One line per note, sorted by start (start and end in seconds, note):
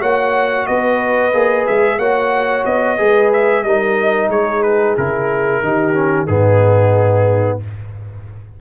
0.00 0.67 A#3
0.00 1.32 F#4
0.00 0.66 C#5
0.00 0.66 F#5
0.66 1.34 B3
0.66 1.98 B4
0.66 1.65 D#5
1.33 1.66 A#3
1.33 1.99 G#4
1.67 1.98 G#3
1.67 1.99 E5
1.98 2.64 A#3
1.98 2.98 F#4
1.98 2.97 C#5
1.98 2.65 F#5
2.65 2.99 B3
2.65 3.31 D#5
2.98 3.64 G#3
2.98 3.64 G#4
2.98 3.64 B4
3.33 3.63 E5
3.63 4.29 G3
3.63 4.98 D#4
3.63 4.30 A#4
3.63 4.29 D#5
4.29 4.95 G#3
4.29 5.62 G#4
4.29 4.62 C#5
4.62 4.95 B4
4.97 5.63 C#3
4.97 5.64 E4
4.97 6.27 A#4
5.63 6.28 D#3
5.63 5.94 D#4
5.63 6.28 G4
5.94 6.27 C#4
6.27 7.60 G#2
6.27 7.60 B3
6.27 7.60 D#4
6.27 7.59 G#4